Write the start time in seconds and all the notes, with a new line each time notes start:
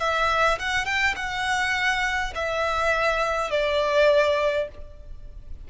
0.00 E5
0.59 F#5
0.86 G5
1.16 F#5
2.35 E5
3.51 D5